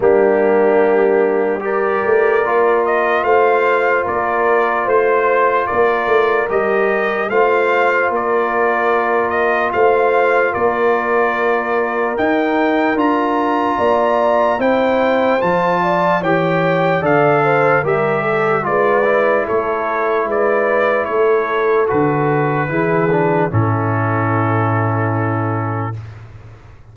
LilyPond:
<<
  \new Staff \with { instrumentName = "trumpet" } { \time 4/4 \tempo 4 = 74 g'2 d''4. dis''8 | f''4 d''4 c''4 d''4 | dis''4 f''4 d''4. dis''8 | f''4 d''2 g''4 |
ais''2 g''4 a''4 | g''4 f''4 e''4 d''4 | cis''4 d''4 cis''4 b'4~ | b'4 a'2. | }
  \new Staff \with { instrumentName = "horn" } { \time 4/4 d'2 ais'2 | c''4 ais'4 c''4 ais'4~ | ais'4 c''4 ais'2 | c''4 ais'2.~ |
ais'4 d''4 c''4. d''8 | cis''4 d''8 c''8 ais'8 a'8 b'4 | a'4 b'4 a'2 | gis'4 e'2. | }
  \new Staff \with { instrumentName = "trombone" } { \time 4/4 ais2 g'4 f'4~ | f'1 | g'4 f'2.~ | f'2. dis'4 |
f'2 e'4 f'4 | g'4 a'4 g'4 f'8 e'8~ | e'2. fis'4 | e'8 d'8 cis'2. | }
  \new Staff \with { instrumentName = "tuba" } { \time 4/4 g2~ g8 a8 ais4 | a4 ais4 a4 ais8 a8 | g4 a4 ais2 | a4 ais2 dis'4 |
d'4 ais4 c'4 f4 | e4 d4 g4 gis4 | a4 gis4 a4 d4 | e4 a,2. | }
>>